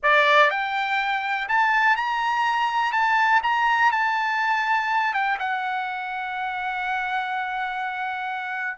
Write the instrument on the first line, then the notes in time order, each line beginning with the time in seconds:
trumpet
0.02 D5
0.50 G5
1.48 A5
1.96 A#5
2.92 A5
3.42 A#5
3.91 A5
5.13 G5
5.39 F#5